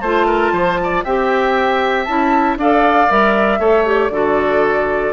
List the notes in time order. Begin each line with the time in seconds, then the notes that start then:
0.00 A3 F4 C5 A5
0.26 A#4
0.51 F3 C5
0.83 D5
1.03 C4 G4 E5 G5
2.04 C#4 E4 A5
2.56 D4 A4 D5 F5
3.09 G3 A#4 E5
3.59 A3 A4 C#5
3.85 G4 D5
4.10 D3 F#4 A4